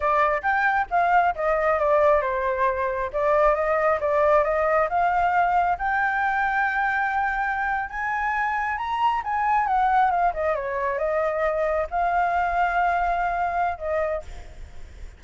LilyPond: \new Staff \with { instrumentName = "flute" } { \time 4/4 \tempo 4 = 135 d''4 g''4 f''4 dis''4 | d''4 c''2 d''4 | dis''4 d''4 dis''4 f''4~ | f''4 g''2.~ |
g''4.~ g''16 gis''2 ais''16~ | ais''8. gis''4 fis''4 f''8 dis''8 cis''16~ | cis''8. dis''2 f''4~ f''16~ | f''2. dis''4 | }